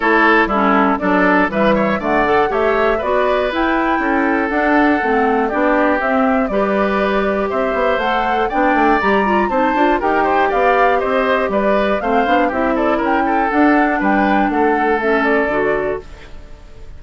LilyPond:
<<
  \new Staff \with { instrumentName = "flute" } { \time 4/4 \tempo 4 = 120 cis''4 a'4 d''4 e''4 | fis''4 e''4 d''4 g''4~ | g''4 fis''2 d''4 | e''4 d''2 e''4 |
fis''4 g''4 ais''4 a''4 | g''4 f''4 dis''4 d''4 | f''4 e''8 d''8 g''4 fis''4 | g''4 fis''4 e''8 d''4. | }
  \new Staff \with { instrumentName = "oboe" } { \time 4/4 a'4 e'4 a'4 b'8 cis''8 | d''4 cis''4 b'2 | a'2. g'4~ | g'4 b'2 c''4~ |
c''4 d''2 c''4 | ais'8 c''8 d''4 c''4 b'4 | c''4 g'8 a'8 ais'8 a'4. | b'4 a'2. | }
  \new Staff \with { instrumentName = "clarinet" } { \time 4/4 e'4 cis'4 d'4 g4 | a8 a'8 g'4 fis'4 e'4~ | e'4 d'4 c'4 d'4 | c'4 g'2. |
a'4 d'4 g'8 f'8 dis'8 f'8 | g'1 | c'8 d'8 e'2 d'4~ | d'2 cis'4 fis'4 | }
  \new Staff \with { instrumentName = "bassoon" } { \time 4/4 a4 g4 fis4 e4 | d4 a4 b4 e'4 | cis'4 d'4 a4 b4 | c'4 g2 c'8 b8 |
a4 b8 a8 g4 c'8 d'8 | dis'4 b4 c'4 g4 | a8 b8 c'4 cis'4 d'4 | g4 a2 d4 | }
>>